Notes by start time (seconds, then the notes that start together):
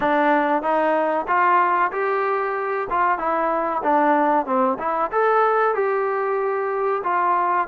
0.00 D4
0.62 D#4
1.27 F4
1.91 G4
2.90 F4
3.18 E4
3.83 D4
4.45 C4
4.79 E4
5.11 A4
5.74 G4
7.03 F4